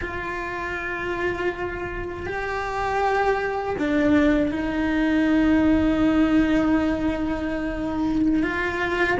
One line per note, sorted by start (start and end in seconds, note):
0.01 2.26 F4
2.26 3.76 G4
3.78 4.51 D4
4.51 8.42 D#4
8.42 9.17 F4